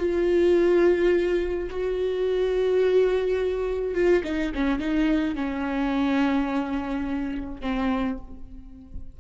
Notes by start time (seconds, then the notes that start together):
0.00 F4
1.71 F#4
3.95 F4
4.25 D#4
4.55 C#4
4.80 D#4
5.36 C#4
7.62 C4